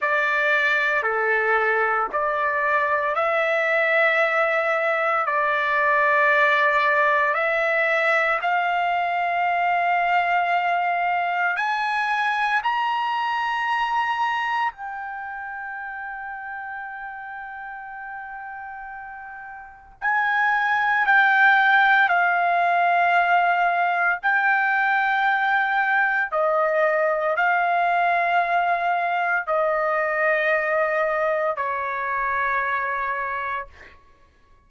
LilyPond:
\new Staff \with { instrumentName = "trumpet" } { \time 4/4 \tempo 4 = 57 d''4 a'4 d''4 e''4~ | e''4 d''2 e''4 | f''2. gis''4 | ais''2 g''2~ |
g''2. gis''4 | g''4 f''2 g''4~ | g''4 dis''4 f''2 | dis''2 cis''2 | }